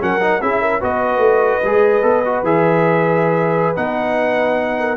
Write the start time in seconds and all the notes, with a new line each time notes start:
0.00 F#3 C#4 A#4 F#5
0.21 D#4
0.42 C#4 E4 G#4 E5
0.61 A#4
0.80 B3 F#4 B4 D#5
1.18 A3
1.64 G#3 G#4
2.02 B3 A4
2.25 F#4
2.43 E3 G#4 E5
3.76 B3 D#4 F#5
4.79 A#4